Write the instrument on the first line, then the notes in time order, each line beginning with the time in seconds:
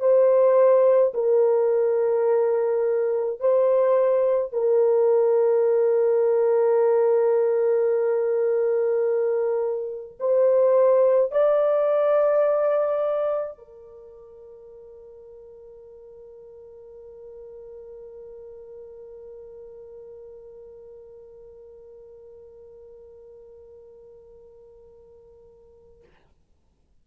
horn
0.00 C5
1.14 A#4
3.40 C5
4.53 A#4
10.20 C5
11.32 D5
13.58 A#4